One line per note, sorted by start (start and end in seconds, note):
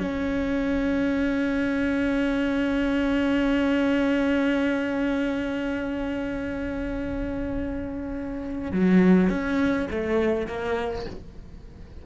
0.00 8.72 C#4
8.72 9.30 F#3
9.30 9.88 C#4
9.91 10.47 A3
10.47 11.05 A#3